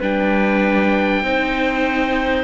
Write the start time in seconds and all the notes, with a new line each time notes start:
0.00 G3 D4 B4 G5
1.23 C4 D#4 C5